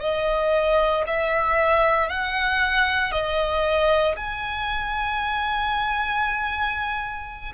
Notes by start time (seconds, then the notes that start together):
0.00 D#5
1.07 E5
2.09 F#5
3.12 D#5
4.16 G#5